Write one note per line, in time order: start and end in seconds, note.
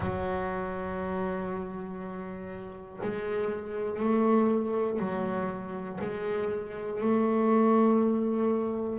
0.00 2.99 F#3
3.02 3.99 G#3
3.99 4.99 A3
4.99 5.99 F#3
6.01 7.00 G#3
7.00 8.99 A3